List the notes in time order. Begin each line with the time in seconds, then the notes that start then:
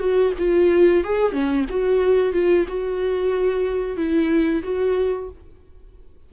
0.00 F#4
0.39 F4
1.04 G#4
1.32 C#4
1.70 F#4
2.33 F4
2.68 F#4
3.97 E4
4.64 F#4